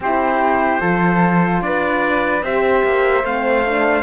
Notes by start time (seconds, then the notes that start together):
0.00 C4 E4 G4 C5
0.80 F3 F4 A4
1.61 D4 B4 D5
2.42 C4 G4 C5 E5
2.83 A#3
3.23 A3 C4 F5
3.65 D4